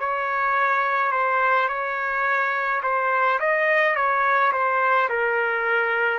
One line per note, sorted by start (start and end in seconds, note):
0.00 1.12 C#5
1.12 1.69 C5
1.69 2.82 C#5
2.83 3.40 C5
3.40 3.96 D#5
3.96 4.52 C#5
4.52 5.09 C5
5.09 6.19 A#4